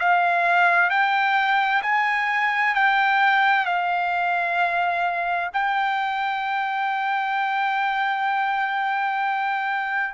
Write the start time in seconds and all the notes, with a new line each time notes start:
0.00 F5
0.90 G5
1.83 G#5
2.75 G5
3.66 F5
5.53 G5